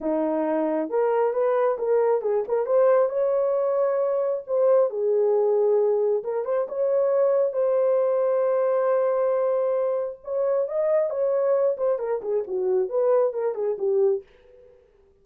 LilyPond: \new Staff \with { instrumentName = "horn" } { \time 4/4 \tempo 4 = 135 dis'2 ais'4 b'4 | ais'4 gis'8 ais'8 c''4 cis''4~ | cis''2 c''4 gis'4~ | gis'2 ais'8 c''8 cis''4~ |
cis''4 c''2.~ | c''2. cis''4 | dis''4 cis''4. c''8 ais'8 gis'8 | fis'4 b'4 ais'8 gis'8 g'4 | }